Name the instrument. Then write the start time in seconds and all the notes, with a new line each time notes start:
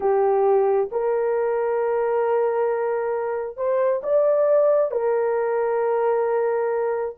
horn
0.00 G4
0.91 A#4
3.56 C5
4.03 D5
4.91 A#4